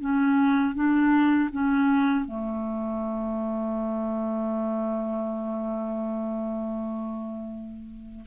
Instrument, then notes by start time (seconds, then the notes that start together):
clarinet
0.00 C#4
0.74 D4
1.51 C#4
2.25 A3